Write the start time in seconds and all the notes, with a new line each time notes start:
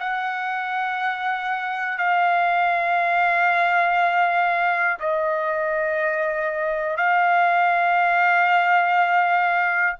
0.00 F#5
1.99 F5
5.00 D#5
6.97 F5